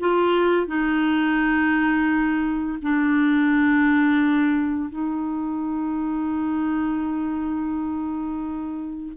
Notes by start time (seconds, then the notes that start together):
0.00 F4
0.67 D#4
2.82 D4
4.89 D#4